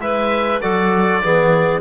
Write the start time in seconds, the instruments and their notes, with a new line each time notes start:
0.00 cello G#3, trombone E4, clarinet B4, oboe E5
0.61 cello F#3, trombone F#4, clarinet A4, oboe D5
1.22 cello E3, trombone B3, clarinet G#4